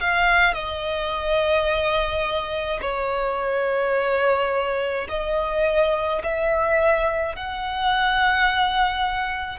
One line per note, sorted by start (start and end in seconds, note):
0.00 0.54 F5
0.54 2.80 D#5
2.81 5.08 C#5
5.09 6.22 D#5
6.23 7.36 E5
7.36 9.59 F#5